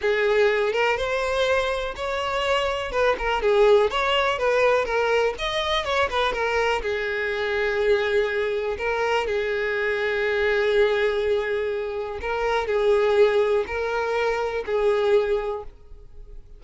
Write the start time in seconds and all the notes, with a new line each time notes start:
0.01 G#4
0.73 A#4
0.97 C5
1.95 C#5
2.91 B4
3.18 A#4
3.41 G#4
3.90 C#5
4.38 B4
4.85 A#4
5.38 D#5
5.84 C#5
6.09 B4
6.33 A#4
6.82 G#4
8.78 A#4
9.26 G#4
12.21 A#4
12.67 G#4
13.66 A#4
14.66 G#4